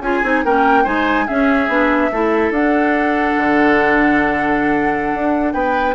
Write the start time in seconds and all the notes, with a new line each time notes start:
0.00 C#4 F4 G#4 G#5
0.24 C4 D#4
0.44 A#3 C#4 A#4 G5
0.84 G#3 D#4 C5 G#5
1.27 C#4 G#4 E5
1.68 B3 D4
2.12 A3 E4 A4
2.50 D4 F#5
3.37 D3
5.14 D4
5.53 B3 B4 G5